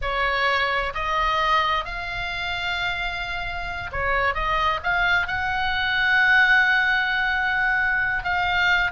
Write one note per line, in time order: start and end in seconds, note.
0.01 0.93 C#5
0.94 1.84 D#5
1.84 3.90 F5
3.92 4.34 C#5
4.34 4.80 D#5
4.83 5.27 F5
5.27 8.24 F#5
8.24 8.91 F5